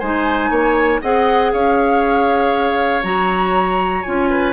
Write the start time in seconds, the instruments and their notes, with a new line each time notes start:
0.00 bassoon G#3, clarinet D#4, oboe C5, flute G#5
0.51 bassoon A#3, oboe C#5
1.02 bassoon C4, clarinet G#4, oboe D#5, flute F#5
1.53 bassoon C#4, oboe C#5, flute F5
3.03 bassoon F#3, clarinet F#4, flute A#5
4.03 bassoon C#4, clarinet F4, flute G#5
4.30 oboe B4